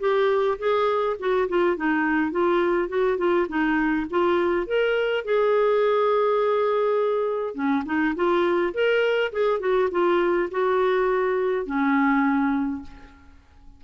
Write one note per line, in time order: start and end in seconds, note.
0.00 0.58 G4
0.59 1.17 G#4
1.20 1.49 F#4
1.49 1.77 F4
1.77 2.32 D#4
2.32 2.89 F4
2.89 3.18 F#4
3.18 3.47 F4
3.49 4.07 D#4
4.11 4.67 F4
4.67 5.25 A#4
5.25 7.55 G#4
7.55 7.84 C#4
7.86 8.15 D#4
8.16 8.74 F4
8.74 9.32 A#4
9.32 9.60 G#4
9.60 9.89 F#4
9.91 10.50 F4
10.51 11.66 F#4
11.66 12.83 C#4